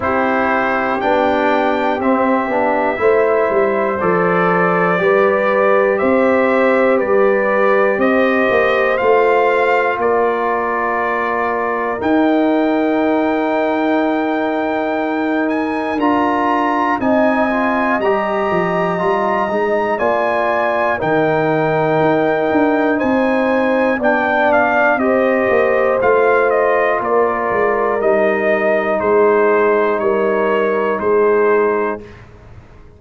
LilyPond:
<<
  \new Staff \with { instrumentName = "trumpet" } { \time 4/4 \tempo 4 = 60 c''4 g''4 e''2 | d''2 e''4 d''4 | dis''4 f''4 d''2 | g''2.~ g''8 gis''8 |
ais''4 gis''4 ais''2 | gis''4 g''2 gis''4 | g''8 f''8 dis''4 f''8 dis''8 d''4 | dis''4 c''4 cis''4 c''4 | }
  \new Staff \with { instrumentName = "horn" } { \time 4/4 g'2. c''4~ | c''4 b'4 c''4 b'4 | c''2 ais'2~ | ais'1~ |
ais'4 dis''2. | d''4 ais'2 c''4 | d''4 c''2 ais'4~ | ais'4 gis'4 ais'4 gis'4 | }
  \new Staff \with { instrumentName = "trombone" } { \time 4/4 e'4 d'4 c'8 d'8 e'4 | a'4 g'2.~ | g'4 f'2. | dis'1 |
f'4 dis'8 f'8 g'4 f'8 dis'8 | f'4 dis'2. | d'4 g'4 f'2 | dis'1 | }
  \new Staff \with { instrumentName = "tuba" } { \time 4/4 c'4 b4 c'8 b8 a8 g8 | f4 g4 c'4 g4 | c'8 ais8 a4 ais2 | dis'1 |
d'4 c'4 g8 f8 g8 gis8 | ais4 dis4 dis'8 d'8 c'4 | b4 c'8 ais8 a4 ais8 gis8 | g4 gis4 g4 gis4 | }
>>